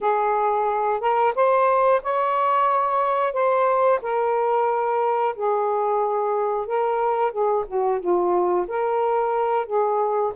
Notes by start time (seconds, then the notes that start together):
0.00 G#4
1.00 A#4
1.35 C5
2.02 C#5
3.33 C5
4.02 A#4
5.35 G#4
6.66 A#4
7.31 G#4
7.67 F#4
7.99 F4
8.67 A#4
9.66 G#4